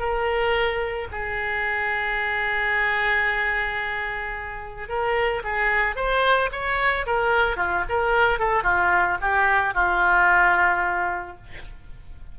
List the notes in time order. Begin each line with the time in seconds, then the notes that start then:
0.00 A#4
1.12 G#4
4.89 A#4
5.44 G#4
5.96 C5
6.52 C#5
7.07 A#4
7.57 F4
7.89 A#4
8.39 A4
8.64 F4
9.21 G4
9.75 F4